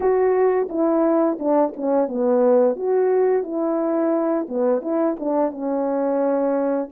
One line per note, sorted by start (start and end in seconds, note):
0.00 0.68 F#4
0.69 1.38 E4
1.39 1.73 D4
1.76 2.08 C#4
2.08 2.76 B3
2.76 3.43 F#4
3.43 4.46 E4
4.48 4.81 B3
4.81 5.16 E4
5.19 5.51 D4
5.51 6.89 C#4